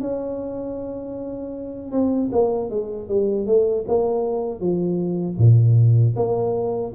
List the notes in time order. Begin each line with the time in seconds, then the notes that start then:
0.00 C#4
1.91 C4
2.32 A#3
2.70 G#3
3.08 G3
3.46 A3
3.87 A#3
4.60 F3
5.37 A#2
6.16 A#3